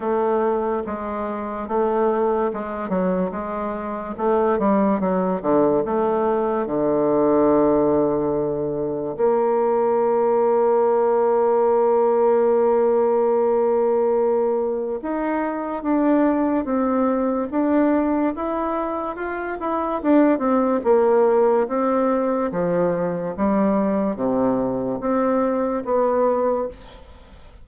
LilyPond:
\new Staff \with { instrumentName = "bassoon" } { \time 4/4 \tempo 4 = 72 a4 gis4 a4 gis8 fis8 | gis4 a8 g8 fis8 d8 a4 | d2. ais4~ | ais1~ |
ais2 dis'4 d'4 | c'4 d'4 e'4 f'8 e'8 | d'8 c'8 ais4 c'4 f4 | g4 c4 c'4 b4 | }